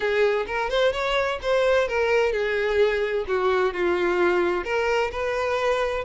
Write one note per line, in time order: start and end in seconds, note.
0.00 0.45 G#4
0.46 0.70 A#4
0.70 0.92 C5
0.92 1.39 C#5
1.42 1.87 C5
1.87 2.32 A#4
2.32 3.25 G#4
3.27 3.73 F#4
3.73 4.64 F4
4.64 5.10 A#4
5.11 6.04 B4